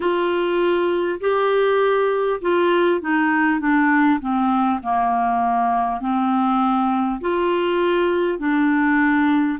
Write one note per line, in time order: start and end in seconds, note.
0.00 1.19 F4
1.20 2.40 G4
2.41 3.01 F4
3.01 3.59 D#4
3.59 4.19 D4
4.20 4.80 C4
4.83 6.00 A#3
6.00 7.20 C4
7.21 8.38 F4
8.38 9.58 D4